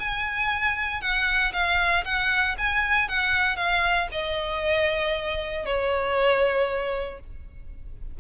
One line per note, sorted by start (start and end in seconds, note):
0.00 1.02 G#5
1.02 1.53 F#5
1.53 2.05 F5
2.05 2.57 F#5
2.59 3.09 G#5
3.09 3.57 F#5
3.57 4.08 F5
4.12 5.66 D#5
5.66 7.20 C#5